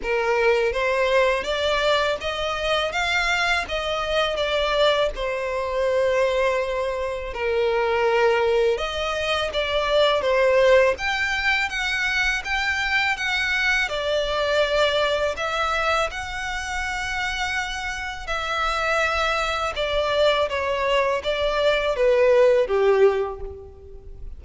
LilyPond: \new Staff \with { instrumentName = "violin" } { \time 4/4 \tempo 4 = 82 ais'4 c''4 d''4 dis''4 | f''4 dis''4 d''4 c''4~ | c''2 ais'2 | dis''4 d''4 c''4 g''4 |
fis''4 g''4 fis''4 d''4~ | d''4 e''4 fis''2~ | fis''4 e''2 d''4 | cis''4 d''4 b'4 g'4 | }